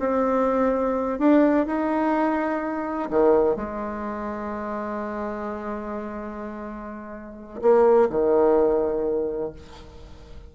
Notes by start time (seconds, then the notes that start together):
0.00 C4
1.19 D4
1.67 D#4
3.10 D#3
3.56 G#3
7.62 A#3
8.10 D#3